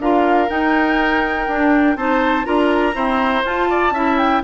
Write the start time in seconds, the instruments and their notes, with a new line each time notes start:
0.00 bassoon D4, clarinet F4, oboe A#4, flute F5
0.49 clarinet D#4, bassoon D#4, flute G5
1.48 bassoon D4, clarinet D4
1.96 bassoon C4, clarinet D#4, oboe C5, flute A5
2.45 bassoon D4, clarinet F4, oboe A#4, flute A#5
2.94 clarinet C4, bassoon E4, oboe C5
3.44 clarinet F4, bassoon F4, flute A5
3.70 oboe D5
3.92 bassoon C#4, clarinet E4, oboe E5
4.18 flute G5